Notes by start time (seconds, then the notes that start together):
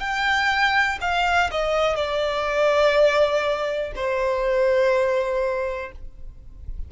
0.00 G5
1.01 F5
1.51 D#5
1.95 D5
3.95 C5